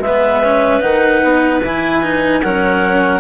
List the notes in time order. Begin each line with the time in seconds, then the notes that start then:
0.00 G#3 B4 E5
0.07 B3
0.43 C#4
0.81 D#3 D#4 F#5
1.23 B3
1.61 E3 E4 G#5
2.02 D#4
2.42 F#3 C#4 A#4 F#5